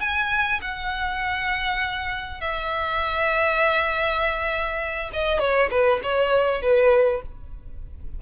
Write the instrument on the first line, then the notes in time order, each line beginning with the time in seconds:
violin
0.00 G#5
0.61 F#5
2.40 E5
5.13 D#5
5.39 C#5
5.71 B4
6.03 C#5
6.61 B4